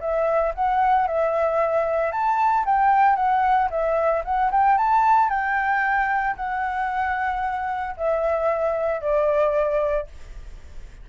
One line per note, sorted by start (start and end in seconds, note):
0.00 0.53 E5
0.54 1.07 F#5
1.07 2.11 E5
2.11 2.65 A5
2.65 3.16 G5
3.16 3.69 F#5
3.70 4.23 E5
4.24 4.51 F#5
4.51 4.77 G5
4.77 5.29 A5
5.29 6.35 G5
6.36 7.95 F#5
7.97 9.01 E5
9.01 10.07 D5